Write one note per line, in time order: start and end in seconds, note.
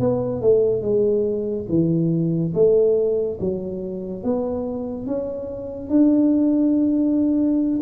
0.00 0.41 B3
0.41 0.82 A3
0.82 1.67 G#3
1.69 2.54 E3
2.54 3.39 A3
3.40 4.24 F#3
4.24 5.07 B3
5.07 5.90 C#4
5.90 7.80 D4